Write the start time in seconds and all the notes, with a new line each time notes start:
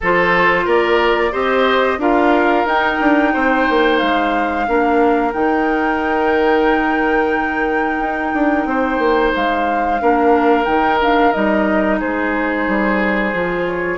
0.01 F3 F4 A4 C5
0.65 A#3 A#4 D5
1.32 C4 G4 C5 D#5
1.98 D4 F4 A#4 F5
2.65 D#4 G5
3.00 D4
3.33 C4 C5
3.69 A#3
3.98 G#3 F5
4.67 A#3 D4 A#4
5.32 D#3 D#4 G5
7.99 D#4
8.33 D4
8.65 C4 C5
8.98 A#3
9.35 G#3 F5
9.99 A#3 D4 A#4
10.64 D#3 D#4 G5
10.99 D4 F5
11.32 G3 D#4 D#5
11.99 G#3 G#4 C5
12.67 G3
13.33 F3 F4
13.66 C#5